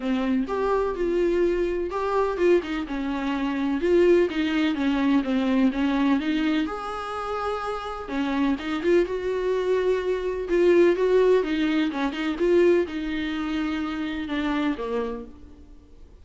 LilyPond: \new Staff \with { instrumentName = "viola" } { \time 4/4 \tempo 4 = 126 c'4 g'4 f'2 | g'4 f'8 dis'8 cis'2 | f'4 dis'4 cis'4 c'4 | cis'4 dis'4 gis'2~ |
gis'4 cis'4 dis'8 f'8 fis'4~ | fis'2 f'4 fis'4 | dis'4 cis'8 dis'8 f'4 dis'4~ | dis'2 d'4 ais4 | }